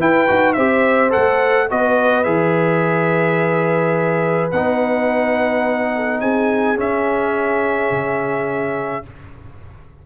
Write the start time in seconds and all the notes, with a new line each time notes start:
0.00 E4 B4 G5
0.28 D#4 F#4
0.54 C4 G4 C5 E5
1.10 A4 F#5
1.17 A3
1.70 B3 F#4 B4 D#5
2.24 E3 G#4 E5
4.52 B3 D#4 F#5
5.96 A4
6.21 C4 G#4 G#5
6.77 C#4 E5
7.92 C#3